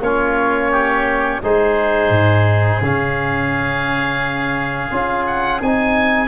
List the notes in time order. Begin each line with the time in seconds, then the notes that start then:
0.00 A#3 C#4 F4 C#5
0.71 G4
1.42 G#3 D#4 G#4 C5
2.10 G#2
2.81 C#3 C#4 F5
4.91 C#4 F4
5.26 F#5
5.61 C4 D#4 G#5